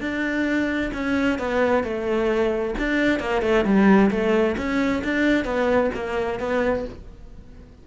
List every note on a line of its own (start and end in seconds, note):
0.00 0.91 D4
0.93 1.38 C#4
1.38 1.83 B3
1.83 2.74 A3
2.78 3.19 D4
3.19 3.42 A#3
3.42 3.64 A3
3.64 4.10 G3
4.10 4.56 A3
4.57 5.02 C#4
5.04 5.44 D4
5.44 5.90 B3
5.94 6.39 A#3
6.39 6.85 B3